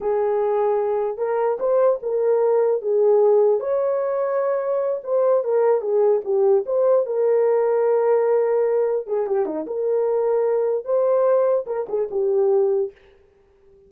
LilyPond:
\new Staff \with { instrumentName = "horn" } { \time 4/4 \tempo 4 = 149 gis'2. ais'4 | c''4 ais'2 gis'4~ | gis'4 cis''2.~ | cis''8 c''4 ais'4 gis'4 g'8~ |
g'8 c''4 ais'2~ ais'8~ | ais'2~ ais'8 gis'8 g'8 dis'8 | ais'2. c''4~ | c''4 ais'8 gis'8 g'2 | }